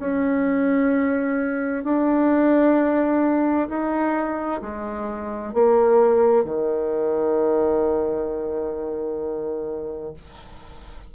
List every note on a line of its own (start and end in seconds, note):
0.00 1.84 C#4
1.84 3.69 D4
3.69 4.62 D#4
4.62 5.54 G#3
5.54 6.45 A#3
6.45 10.14 D#3